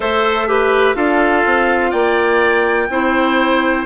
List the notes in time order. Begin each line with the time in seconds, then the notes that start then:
0.00 A3 A4 C5 E5
0.48 G4 B4
0.95 D4 F4 A4 F5
1.45 C4
1.90 A#3 D5 G5
2.89 C4 E4 C5